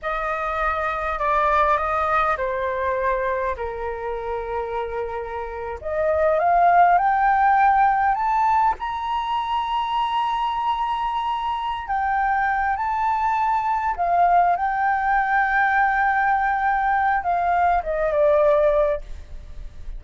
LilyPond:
\new Staff \with { instrumentName = "flute" } { \time 4/4 \tempo 4 = 101 dis''2 d''4 dis''4 | c''2 ais'2~ | ais'4.~ ais'16 dis''4 f''4 g''16~ | g''4.~ g''16 a''4 ais''4~ ais''16~ |
ais''1 | g''4. a''2 f''8~ | f''8 g''2.~ g''8~ | g''4 f''4 dis''8 d''4. | }